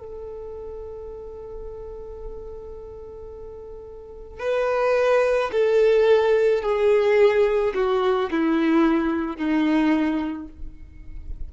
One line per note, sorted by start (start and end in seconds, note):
0.00 4.40 A4
4.40 5.51 B4
5.53 6.63 A4
6.63 7.74 G#4
7.75 8.30 F#4
8.31 9.37 E4
9.37 10.48 D#4